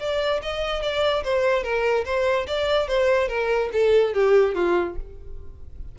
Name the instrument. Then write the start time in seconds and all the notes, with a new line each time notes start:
violin
0.00 D5
0.43 D#5
0.82 D5
1.24 C5
1.64 A#4
2.05 C5
2.47 D5
2.88 C5
3.29 A#4
3.73 A4
4.14 G4
4.55 F4